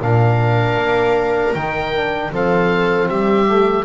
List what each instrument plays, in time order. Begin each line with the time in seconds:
0.00 double bass A#2, trombone D4, viola A#4, oboe F5
0.77 double bass A#3
1.54 double bass D#3, trombone D#4, oboe G5
1.95 trombone D4
2.32 double bass F3, trombone C4, viola A4, oboe F5
3.08 double bass G3, viola G4, oboe E5
3.46 trombone A3